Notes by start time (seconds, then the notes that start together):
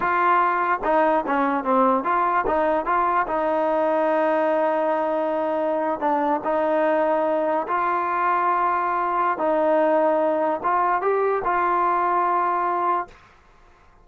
0.00 F4
0.84 D#4
1.26 C#4
1.63 C4
2.04 F4
2.46 D#4
2.85 F4
3.27 D#4
5.99 D4
6.44 D#4
7.67 F4
9.38 D#4
10.63 F4
11.01 G4
11.44 F4